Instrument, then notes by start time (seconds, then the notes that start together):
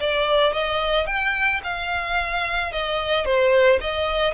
violin
0.00 D5
0.53 D#5
1.06 G5
1.63 F5
2.72 D#5
3.25 C5
3.80 D#5